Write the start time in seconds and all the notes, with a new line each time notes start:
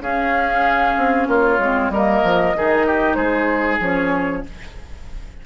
0.00 C#4 G#4 F5
0.97 C4
1.28 A#3 F4 C#5
1.59 G#3 C4
1.90 G3 A#3 A#4 D#5
2.24 F3
2.56 D#3 D#4 G#4
2.87 G4
3.15 G#3 G#4 C5
3.80 F3 C#4 C#5